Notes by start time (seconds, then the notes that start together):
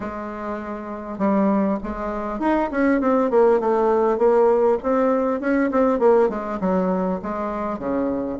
0.00 G#3
1.18 G3
1.83 G#3
2.39 D#4
2.71 C#4
3.00 C4
3.30 A#3
3.60 A3
4.18 A#3
4.82 C4
5.40 C#4
5.71 C4
5.99 A#3
6.29 G#3
6.60 F#3
7.22 G#3
7.78 C#3